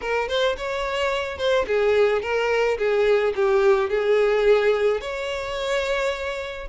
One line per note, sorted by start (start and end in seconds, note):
0.01 0.28 A#4
0.28 0.56 C5
0.57 1.37 C#5
1.37 1.65 C5
1.67 2.22 G#4
2.22 2.77 A#4
2.78 3.33 G#4
3.35 3.89 G4
3.89 5.01 G#4
5.01 6.67 C#5